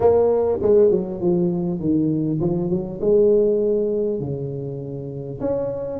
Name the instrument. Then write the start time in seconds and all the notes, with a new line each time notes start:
tuba
0.00 A#3
0.62 G#3
0.90 F#3
1.21 F3
1.79 D#3
2.40 F3
2.70 F#3
3.01 G#3
4.19 C#3
5.40 C#4